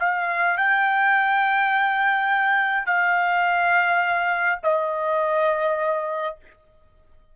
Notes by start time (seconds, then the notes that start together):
0.00 F5
0.58 G5
2.86 F5
4.64 D#5